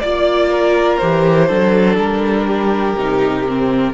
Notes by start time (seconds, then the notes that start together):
0.00 A#3 F4 D5
0.49 A#4
0.97 E3 G4 C5
1.47 F#3 D4 A4
1.97 G3 A#4
2.47 G4
2.96 C3 D#4
3.49 C4